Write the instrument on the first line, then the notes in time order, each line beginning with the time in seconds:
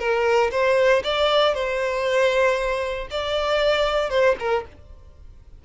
violin
0.00 A#4
0.52 C5
1.04 D5
1.55 C5
3.11 D5
4.10 C5
4.40 A#4